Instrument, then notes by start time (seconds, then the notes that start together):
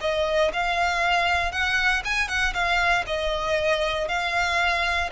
violin
0.00 D#5
0.53 F5
1.52 F#5
2.04 G#5
2.28 F#5
2.54 F5
3.06 D#5
4.08 F5